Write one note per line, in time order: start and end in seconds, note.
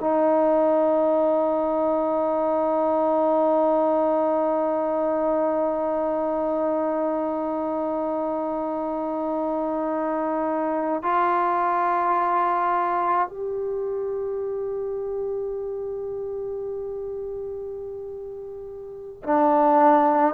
0.00 11.02 D#4
11.02 13.28 F4
13.28 19.22 G4
19.23 20.34 D4